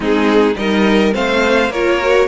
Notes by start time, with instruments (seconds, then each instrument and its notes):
0.00 cello G#3, viola C4, violin D#4 G#4
0.56 cello G3, viola D#4, violin A#4 D#5
1.12 cello A3, viola C4, violin C5 F5
1.68 cello A#3, viola F4, violin A#4 C#5
2.01 viola F#4